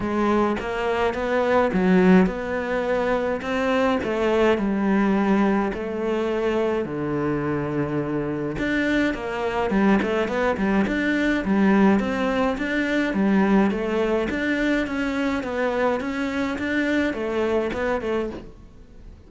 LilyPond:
\new Staff \with { instrumentName = "cello" } { \time 4/4 \tempo 4 = 105 gis4 ais4 b4 fis4 | b2 c'4 a4 | g2 a2 | d2. d'4 |
ais4 g8 a8 b8 g8 d'4 | g4 c'4 d'4 g4 | a4 d'4 cis'4 b4 | cis'4 d'4 a4 b8 a8 | }